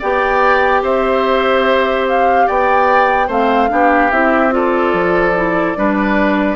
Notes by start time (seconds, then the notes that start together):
0.00 B3 G4 D5 G5
0.83 C4 C5 E5
2.09 F5
2.47 B3 D5 G5
3.28 A3 C4 C5 F5
3.69 B3 D4 G4
4.12 C4 E4 E5
4.51 F4 A4 D5
4.94 F3
5.36 E4
5.76 G3 D4 B4